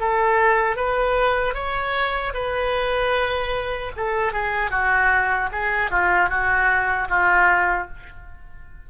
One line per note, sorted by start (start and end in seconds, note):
0.00 0.76 A4
0.76 1.54 B4
1.54 2.33 C#5
2.34 3.92 B4
3.97 4.33 A4
4.33 4.71 G#4
4.71 5.50 F#4
5.52 5.90 G#4
5.90 6.29 F4
6.29 7.08 F#4
7.09 7.88 F4